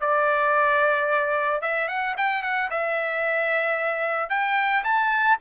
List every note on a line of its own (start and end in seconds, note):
0.00 1.61 D5
1.61 1.88 E5
1.88 2.15 F#5
2.17 2.42 G5
2.42 2.69 F#5
2.70 4.29 E5
4.29 4.83 G5
4.84 5.38 A5